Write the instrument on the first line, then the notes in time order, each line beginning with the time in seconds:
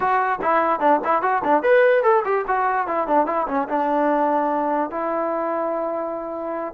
trombone
0.00 F#4
0.41 E4
0.80 D4
1.04 E4
1.22 F#4
1.44 D4
1.63 B4
2.03 A4
2.24 G4
2.47 F#4
2.87 E4
3.07 D4
3.26 E4
3.47 C#4
3.68 D4
4.90 E4